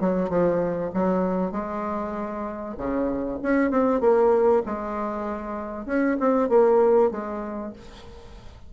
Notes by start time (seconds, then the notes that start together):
0.00 F#3
0.29 F3
0.94 F#3
1.52 G#3
2.77 C#3
3.42 C#4
3.70 C4
4.01 A#3
4.66 G#3
5.86 C#4
6.20 C4
6.49 A#3
7.11 G#3